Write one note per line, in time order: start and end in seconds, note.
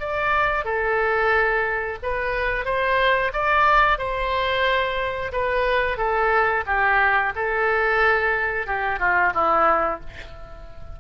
0.00 0.65 D5
0.65 1.98 A4
2.03 2.65 B4
2.65 3.32 C5
3.33 3.98 D5
3.98 5.32 C5
5.32 5.98 B4
5.98 6.64 A4
6.66 7.33 G4
7.35 8.67 A4
8.67 9.00 G4
9.00 9.33 F4
9.34 10.01 E4